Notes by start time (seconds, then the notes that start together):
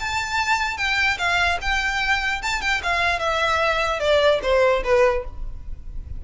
0.00 A5
0.78 G5
1.18 F5
1.62 G5
2.43 A5
2.62 G5
2.83 F5
3.19 E5
4.00 D5
4.43 C5
4.84 B4